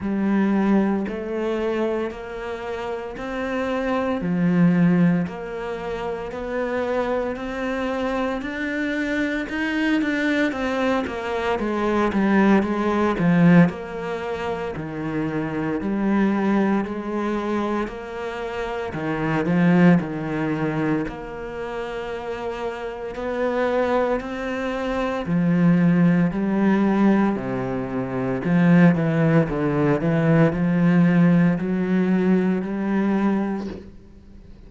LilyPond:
\new Staff \with { instrumentName = "cello" } { \time 4/4 \tempo 4 = 57 g4 a4 ais4 c'4 | f4 ais4 b4 c'4 | d'4 dis'8 d'8 c'8 ais8 gis8 g8 | gis8 f8 ais4 dis4 g4 |
gis4 ais4 dis8 f8 dis4 | ais2 b4 c'4 | f4 g4 c4 f8 e8 | d8 e8 f4 fis4 g4 | }